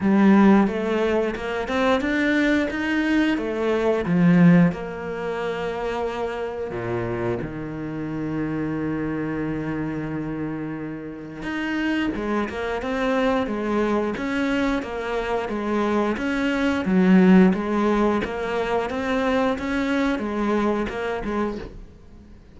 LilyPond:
\new Staff \with { instrumentName = "cello" } { \time 4/4 \tempo 4 = 89 g4 a4 ais8 c'8 d'4 | dis'4 a4 f4 ais4~ | ais2 ais,4 dis4~ | dis1~ |
dis4 dis'4 gis8 ais8 c'4 | gis4 cis'4 ais4 gis4 | cis'4 fis4 gis4 ais4 | c'4 cis'4 gis4 ais8 gis8 | }